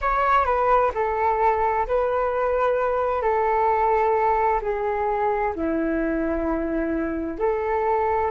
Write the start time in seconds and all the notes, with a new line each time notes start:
0.01 C#5
0.44 B4
0.94 A4
1.87 B4
3.21 A4
4.61 G#4
5.55 E4
7.38 A4